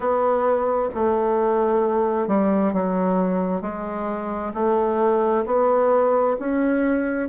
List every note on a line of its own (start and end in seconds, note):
0.00 0.88 B3
0.94 2.27 A3
2.27 2.73 G3
2.73 3.61 F#3
3.61 4.52 G#3
4.54 5.45 A3
5.45 6.36 B3
6.39 7.29 C#4